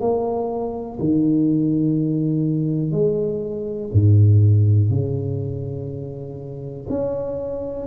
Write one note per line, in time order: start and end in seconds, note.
0.00 0.98 A#3
1.00 2.92 D#3
2.92 3.90 G#3
3.93 4.90 G#2
4.90 6.87 C#3
6.89 7.86 C#4